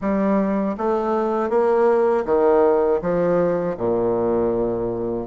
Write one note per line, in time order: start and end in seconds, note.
0.01 0.76 G3
0.77 1.49 A3
1.49 2.24 A#3
2.25 3.00 D#3
3.01 3.76 F3
3.77 5.26 A#2